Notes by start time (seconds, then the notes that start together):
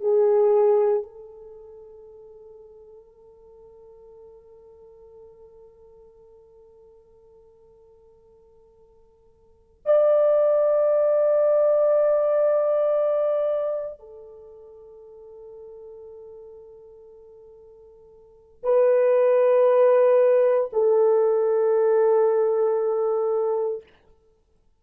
0.00 G#4
1.03 A4
9.85 D5
13.99 A4
18.63 B4
20.72 A4